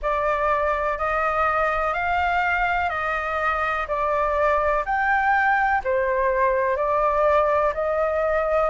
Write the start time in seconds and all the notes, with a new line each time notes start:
0.01 D5
0.98 D#5
1.93 F5
2.89 D#5
3.87 D5
4.85 G5
5.84 C5
6.76 D5
7.74 D#5